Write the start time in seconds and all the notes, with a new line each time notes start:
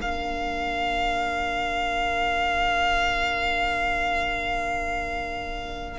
0.00 A#3 D4 A#4 F5